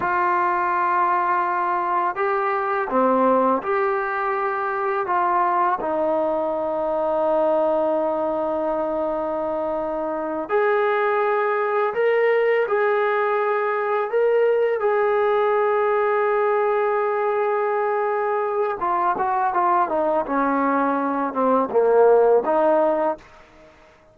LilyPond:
\new Staff \with { instrumentName = "trombone" } { \time 4/4 \tempo 4 = 83 f'2. g'4 | c'4 g'2 f'4 | dis'1~ | dis'2~ dis'8 gis'4.~ |
gis'8 ais'4 gis'2 ais'8~ | ais'8 gis'2.~ gis'8~ | gis'2 f'8 fis'8 f'8 dis'8 | cis'4. c'8 ais4 dis'4 | }